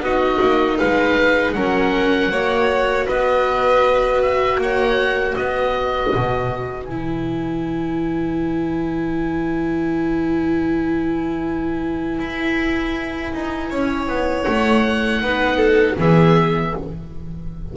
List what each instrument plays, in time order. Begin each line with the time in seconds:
0.00 double bass B3, violin F#4, oboe D#5
0.06 viola D#4
0.40 double bass A#3
0.77 double bass G#3, violin B4, oboe F5
1.52 double bass F#3, viola C#4, violin A#4, oboe F#5
2.31 double bass A#3, viola F#4, violin C#5
3.06 double bass B3, violin B4, oboe D#5
4.22 oboe E5
4.57 double bass A#3, violin C#5, oboe F#5
5.36 double bass B3, violin B4, oboe D#5
6.15 double bass B2
6.84 double bass E3, viola E4, oboe G#5
12.19 double bass E4
13.33 double bass D#4
13.70 double bass C#4, violin C#5
14.07 double bass B3
14.43 double bass A3, oboe F#5
15.21 double bass B3, viola D#4, violin B4
15.56 violin A4
15.97 double bass E3, viola B3, violin G#4, oboe E5